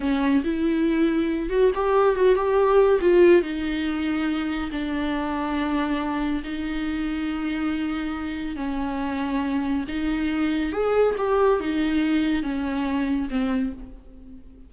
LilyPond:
\new Staff \with { instrumentName = "viola" } { \time 4/4 \tempo 4 = 140 cis'4 e'2~ e'8 fis'8 | g'4 fis'8 g'4. f'4 | dis'2. d'4~ | d'2. dis'4~ |
dis'1 | cis'2. dis'4~ | dis'4 gis'4 g'4 dis'4~ | dis'4 cis'2 c'4 | }